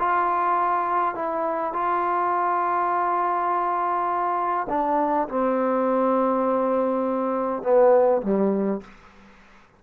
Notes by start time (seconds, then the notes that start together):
0.00 F4
1.15 E4
1.74 F4
4.70 D4
5.29 C4
7.63 B3
8.22 G3